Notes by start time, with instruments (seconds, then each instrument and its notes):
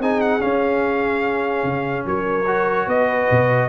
0.00 tuba C4, trombone D#4, horn G#4, trumpet G#5
0.21 trumpet F#5
0.40 trombone C#4, tuba C#4, trumpet F5
1.64 tuba C#3
2.06 tuba F#3, horn A#4, trumpet C#5
2.47 trombone F#4
2.87 tuba B3, horn B4, trumpet D#5
3.31 tuba B2